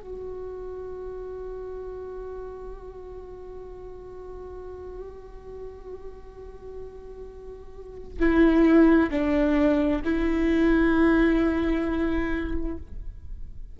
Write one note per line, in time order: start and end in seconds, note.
0.00 8.18 F#4
8.19 9.10 E4
9.11 10.02 D4
10.04 12.77 E4